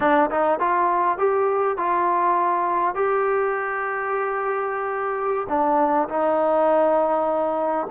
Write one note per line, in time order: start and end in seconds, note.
0.00 0.30 D4
0.30 0.59 D#4
0.59 1.17 F4
1.17 1.77 G4
1.77 2.94 F4
2.94 5.47 G4
5.48 6.08 D4
6.09 7.87 D#4